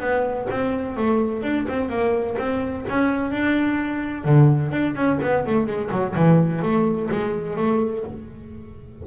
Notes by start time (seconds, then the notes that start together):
0.00 B3
0.50 C4
0.96 A3
1.42 D4
1.68 C4
1.89 A#3
2.38 C4
2.89 C#4
3.31 D4
4.25 D3
4.71 D4
4.95 C#4
5.22 B3
5.46 A3
5.66 G#3
5.91 F#3
6.15 E3
6.62 A3
7.11 G#3
7.56 A3